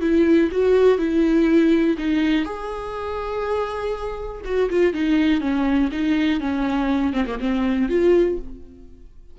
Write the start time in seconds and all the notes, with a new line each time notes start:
0.00 E4
0.51 F#4
0.98 E4
1.97 D#4
2.45 G#4
4.44 F#4
4.69 F4
4.93 D#4
5.40 C#4
5.92 D#4
6.40 C#4
7.12 C4
7.26 A#3
7.39 C4
7.88 F4